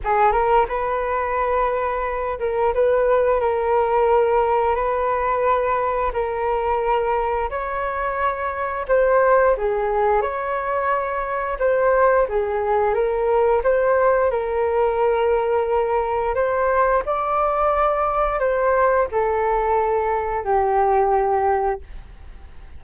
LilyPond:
\new Staff \with { instrumentName = "flute" } { \time 4/4 \tempo 4 = 88 gis'8 ais'8 b'2~ b'8 ais'8 | b'4 ais'2 b'4~ | b'4 ais'2 cis''4~ | cis''4 c''4 gis'4 cis''4~ |
cis''4 c''4 gis'4 ais'4 | c''4 ais'2. | c''4 d''2 c''4 | a'2 g'2 | }